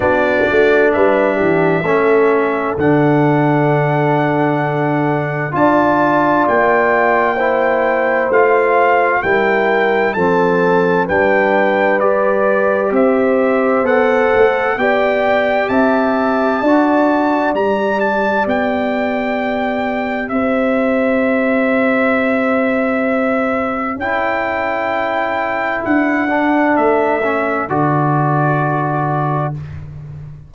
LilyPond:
<<
  \new Staff \with { instrumentName = "trumpet" } { \time 4/4 \tempo 4 = 65 d''4 e''2 fis''4~ | fis''2 a''4 g''4~ | g''4 f''4 g''4 a''4 | g''4 d''4 e''4 fis''4 |
g''4 a''2 ais''8 a''8 | g''2 e''2~ | e''2 g''2 | fis''4 e''4 d''2 | }
  \new Staff \with { instrumentName = "horn" } { \time 4/4 fis'4 b'8 g'8 a'2~ | a'2 d''2 | c''2 ais'4 a'4 | b'2 c''2 |
d''4 e''4 d''2~ | d''2 c''2~ | c''2 a'2~ | a'1 | }
  \new Staff \with { instrumentName = "trombone" } { \time 4/4 d'2 cis'4 d'4~ | d'2 f'2 | e'4 f'4 e'4 c'4 | d'4 g'2 a'4 |
g'2 fis'4 g'4~ | g'1~ | g'2 e'2~ | e'8 d'4 cis'8 fis'2 | }
  \new Staff \with { instrumentName = "tuba" } { \time 4/4 b8 a8 g8 e8 a4 d4~ | d2 d'4 ais4~ | ais4 a4 g4 f4 | g2 c'4 b8 a8 |
b4 c'4 d'4 g4 | b2 c'2~ | c'2 cis'2 | d'4 a4 d2 | }
>>